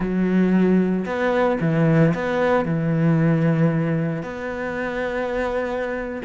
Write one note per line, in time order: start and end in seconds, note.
0.00 1.05 F#3
1.05 1.58 B3
1.60 2.13 E3
2.14 2.65 B3
2.65 4.22 E3
4.22 6.21 B3